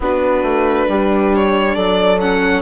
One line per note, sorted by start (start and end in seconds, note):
0.00 0.42 B3
0.00 2.20 D4
0.00 0.89 F#4
0.00 1.35 B4
0.42 0.86 A3
0.88 1.76 G3
0.88 1.74 G4
1.35 1.74 C#5
1.74 2.61 F#3
1.74 2.61 A4
1.74 2.18 D5
2.20 2.61 C#4
2.20 2.61 F#5